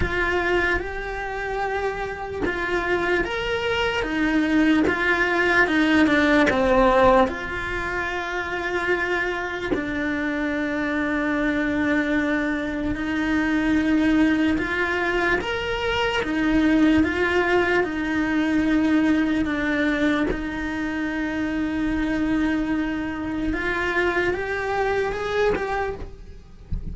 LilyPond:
\new Staff \with { instrumentName = "cello" } { \time 4/4 \tempo 4 = 74 f'4 g'2 f'4 | ais'4 dis'4 f'4 dis'8 d'8 | c'4 f'2. | d'1 |
dis'2 f'4 ais'4 | dis'4 f'4 dis'2 | d'4 dis'2.~ | dis'4 f'4 g'4 gis'8 g'8 | }